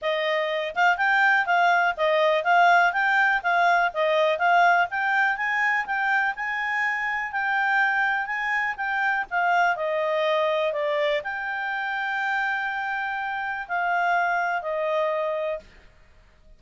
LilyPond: \new Staff \with { instrumentName = "clarinet" } { \time 4/4 \tempo 4 = 123 dis''4. f''8 g''4 f''4 | dis''4 f''4 g''4 f''4 | dis''4 f''4 g''4 gis''4 | g''4 gis''2 g''4~ |
g''4 gis''4 g''4 f''4 | dis''2 d''4 g''4~ | g''1 | f''2 dis''2 | }